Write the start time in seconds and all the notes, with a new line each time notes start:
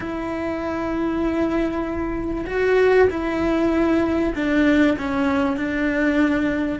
0.00 E4
2.46 F#4
3.10 E4
4.35 D4
4.97 C#4
5.56 D4